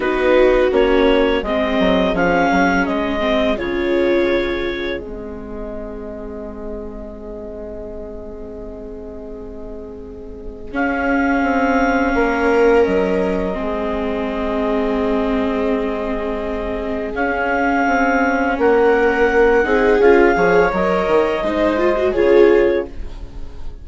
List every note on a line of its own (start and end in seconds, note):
0.00 0.70 B3
0.00 0.70 D#4
0.00 1.43 F#4
0.00 0.72 B4
0.71 1.42 A#3
0.71 1.42 C#4
0.71 1.44 C#5
1.42 1.78 G#3
1.42 2.14 C4
1.42 12.14 G#4
1.42 2.15 D#5
1.79 2.13 F#3
2.13 2.49 F3
2.13 3.19 C#4
2.13 2.86 F5
2.51 2.87 F#3
2.86 3.58 G#3
2.86 3.57 D#5
3.19 3.55 C4
3.57 4.98 C#3
3.57 5.00 F4
3.57 5.00 C#5
4.98 10.69 G#3
4.98 10.72 C4
4.98 10.71 D#5
10.72 13.53 C#4
10.72 11.42 C#4
10.72 12.84 F5
11.42 12.13 C4
12.14 12.85 A#3
12.14 13.57 A#4
12.84 13.57 F#3
12.84 17.12 D#5
13.53 17.14 G#3
13.53 17.10 C4
13.53 18.57 G#4
17.14 17.85 C#4
17.14 19.64 C#4
17.14 18.57 F5
17.86 18.58 C4
18.58 19.64 A#3
18.58 19.65 A#4
18.58 20.01 F#5
19.64 19.99 C4
19.64 19.99 D#4
19.64 20.36 G#4
19.99 20.34 C#4
19.99 20.34 F4
19.99 20.72 F5
20.34 20.71 F3
20.34 20.70 G#4
20.34 21.43 C#5
20.72 21.07 F#3
20.72 21.44 A#4
20.72 22.13 D#5
21.07 21.42 D#3
21.42 22.13 G#3
21.42 21.78 D#4
21.42 22.11 C5
21.78 21.95 F4
21.96 22.14 F#4
22.11 22.88 C#3
22.11 22.85 F4
22.11 22.83 G#4
22.11 22.85 C#5